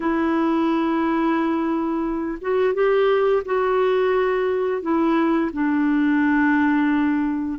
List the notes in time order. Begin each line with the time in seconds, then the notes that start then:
0.00 E4
2.41 F#4
2.74 G4
3.45 F#4
4.82 E4
5.53 D4